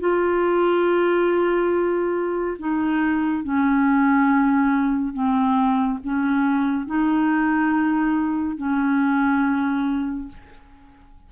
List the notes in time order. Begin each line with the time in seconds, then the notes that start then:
0.00 F4
2.59 D#4
3.44 C#4
5.13 C4
6.04 C#4
6.86 D#4
8.57 C#4